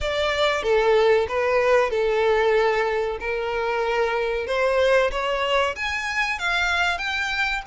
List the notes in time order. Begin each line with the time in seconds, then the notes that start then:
0.00 D5
0.62 A4
1.28 B4
1.90 A4
3.19 A#4
4.47 C5
5.11 C#5
5.75 G#5
6.38 F5
6.97 G5